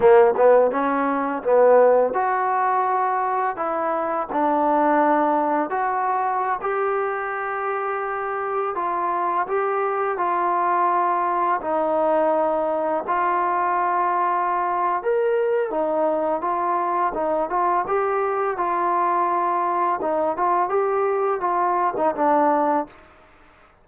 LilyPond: \new Staff \with { instrumentName = "trombone" } { \time 4/4 \tempo 4 = 84 ais8 b8 cis'4 b4 fis'4~ | fis'4 e'4 d'2 | fis'4~ fis'16 g'2~ g'8.~ | g'16 f'4 g'4 f'4.~ f'16~ |
f'16 dis'2 f'4.~ f'16~ | f'4 ais'4 dis'4 f'4 | dis'8 f'8 g'4 f'2 | dis'8 f'8 g'4 f'8. dis'16 d'4 | }